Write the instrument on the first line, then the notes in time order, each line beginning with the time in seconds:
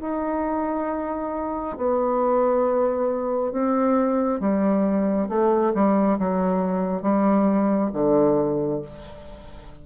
bassoon
0.00 D#4
1.76 B3
3.52 C4
4.40 G3
5.29 A3
5.74 G3
6.18 F#3
7.01 G3
7.93 D3